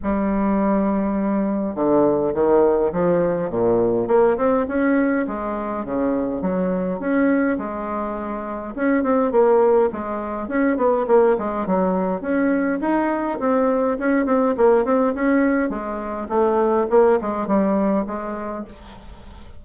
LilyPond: \new Staff \with { instrumentName = "bassoon" } { \time 4/4 \tempo 4 = 103 g2. d4 | dis4 f4 ais,4 ais8 c'8 | cis'4 gis4 cis4 fis4 | cis'4 gis2 cis'8 c'8 |
ais4 gis4 cis'8 b8 ais8 gis8 | fis4 cis'4 dis'4 c'4 | cis'8 c'8 ais8 c'8 cis'4 gis4 | a4 ais8 gis8 g4 gis4 | }